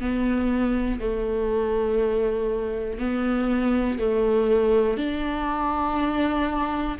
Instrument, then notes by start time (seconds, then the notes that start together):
viola
0.00 B3
1.00 A3
2.99 B3
3.99 A3
4.97 D4